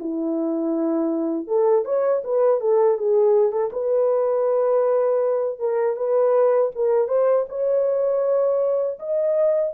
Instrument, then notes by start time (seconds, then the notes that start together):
horn
0.00 E4
1.47 A4
1.85 C#5
2.24 B4
2.61 A4
2.98 G#4
3.52 A4
3.73 B4
5.59 A#4
5.97 B4
6.76 A#4
7.08 C5
7.49 C#5
9.00 D#5